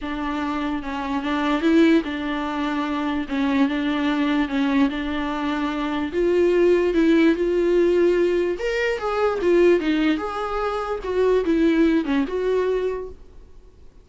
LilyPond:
\new Staff \with { instrumentName = "viola" } { \time 4/4 \tempo 4 = 147 d'2 cis'4 d'4 | e'4 d'2. | cis'4 d'2 cis'4 | d'2. f'4~ |
f'4 e'4 f'2~ | f'4 ais'4 gis'4 f'4 | dis'4 gis'2 fis'4 | e'4. cis'8 fis'2 | }